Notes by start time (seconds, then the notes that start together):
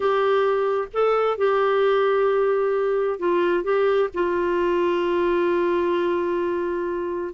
0.00 G4
0.93 A4
1.37 G4
3.19 F4
3.63 G4
4.14 F4